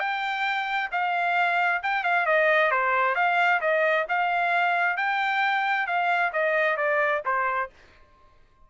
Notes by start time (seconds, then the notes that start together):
0.00 G5
0.92 F5
1.83 G5
2.04 F5
2.27 D#5
2.72 C5
3.16 F5
3.61 D#5
4.09 F5
4.97 G5
5.87 F5
6.33 D#5
6.77 D5
7.25 C5